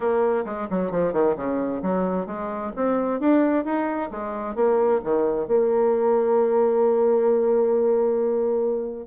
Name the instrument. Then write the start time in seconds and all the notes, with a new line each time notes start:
bassoon
0.00 A#3
0.45 G#3
0.69 F#3
0.91 F3
1.12 D#3
1.36 C#3
1.82 F#3
2.26 G#3
2.76 C4
3.19 D4
3.64 D#4
4.11 G#3
4.55 A#3
5.04 D#3
5.47 A#3